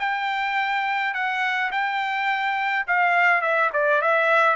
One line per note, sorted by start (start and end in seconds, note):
0.00 1.14 G5
1.14 1.71 F#5
1.72 2.86 G5
2.87 3.42 F5
3.42 3.70 E5
3.73 4.02 D5
4.02 4.56 E5